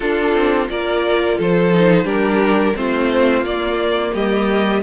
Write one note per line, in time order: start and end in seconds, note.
0.00 0.33 D4
0.00 0.67 D4
0.00 0.69 F4
0.00 0.68 A4
0.33 0.68 C4
0.67 1.39 A#3
0.67 1.71 F4
0.67 1.38 A#4
0.67 1.38 D5
1.38 2.04 F3
1.38 2.04 A4
1.38 2.07 C5
1.73 2.04 D#4
2.04 2.73 G3
2.04 2.73 D4
2.04 2.73 G4
2.04 2.75 A#4
2.75 3.41 A3
2.75 3.44 C4
2.75 4.14 F4
2.75 3.44 C5
3.41 4.10 A#3
3.41 4.83 A#3
3.41 4.14 D5
4.14 4.83 G3
4.14 4.82 G4
4.14 4.83 D#5